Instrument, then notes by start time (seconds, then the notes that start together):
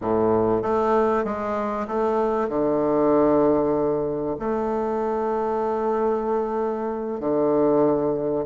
bassoon
0.01 A2
0.62 A3
1.24 G#3
1.88 A3
2.48 D3
4.39 A3
7.20 D3